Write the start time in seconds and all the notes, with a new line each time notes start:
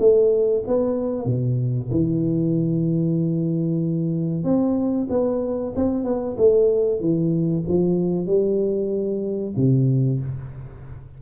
0.00 A3
0.68 B3
1.26 B2
1.91 E3
4.44 C4
5.10 B3
5.76 C4
6.05 B3
6.38 A3
7.01 E3
7.68 F3
8.27 G3
9.57 C3